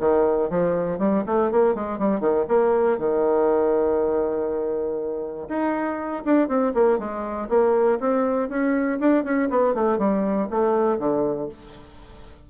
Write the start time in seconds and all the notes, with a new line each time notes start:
0.00 D#3
0.50 F3
0.99 G3
1.27 A3
1.52 A#3
1.75 G#3
1.99 G3
2.21 D#3
2.49 A#3
2.98 D#3
5.49 D#4
6.25 D4
6.49 C4
6.75 A#3
6.99 G#3
7.49 A#3
8.00 C4
8.50 C#4
9.00 D4
9.25 C#4
9.50 B3
9.75 A3
9.99 G3
10.50 A3
10.99 D3